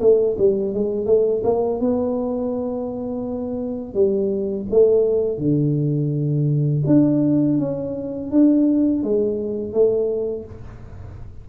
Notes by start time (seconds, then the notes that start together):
0.00 A3
0.38 G3
0.74 G#3
1.06 A3
1.44 A#3
1.80 B3
3.94 G3
4.71 A3
5.38 D3
6.86 D4
7.58 C#4
8.31 D4
9.03 G#3
9.73 A3